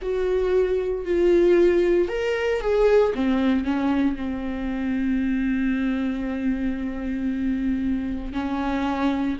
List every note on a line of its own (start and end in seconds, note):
0.01 1.05 F#4
1.05 2.08 F4
2.08 2.60 A#4
2.60 3.13 G#4
3.14 3.64 C4
3.64 4.15 C#4
4.15 8.32 C4
8.32 9.37 C#4